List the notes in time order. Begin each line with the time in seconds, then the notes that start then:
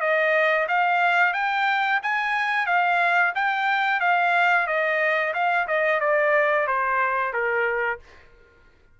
0.00 D#5
0.68 F5
1.33 G5
2.02 G#5
2.66 F5
3.35 G5
4.00 F5
4.67 D#5
5.34 F5
5.67 D#5
6.00 D5
6.67 C5
7.33 A#4